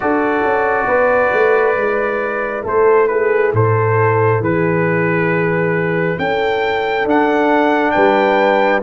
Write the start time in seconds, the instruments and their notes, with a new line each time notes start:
0.00 tuba D4, trombone F#4, horn A4, trumpet D5
0.42 tuba C#4
0.87 tuba B3, horn B4
1.32 tuba A3
1.75 tuba G#3, trombone E4
2.63 tuba A3, horn A4, trumpet C5
3.07 horn G#4, trumpet B4
3.53 tuba A2, horn A4, trumpet C5
4.40 tuba E3, horn G#4, trumpet B4
6.18 tuba C#4, horn A4, trumpet G5
7.04 tuba D4, trombone D4, trumpet F#5
7.91 tuba G3, horn B4, trumpet G5